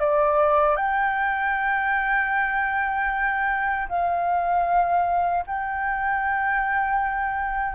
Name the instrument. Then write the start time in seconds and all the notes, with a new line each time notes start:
flute
0.00 D5
0.76 G5
3.89 F5
5.47 G5